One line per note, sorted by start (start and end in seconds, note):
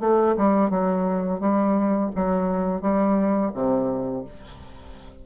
0.00 0.35 A3
0.37 0.70 G3
0.70 1.40 F#3
1.40 2.10 G3
2.15 2.81 F#3
2.81 3.52 G3
3.54 4.24 C3